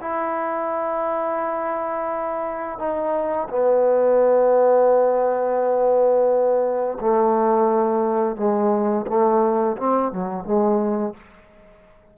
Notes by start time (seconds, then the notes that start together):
0.00 E4
2.78 D#4
3.49 B3
7.00 A3
8.36 G#3
9.07 A3
9.77 C4
10.12 F#3
10.44 G#3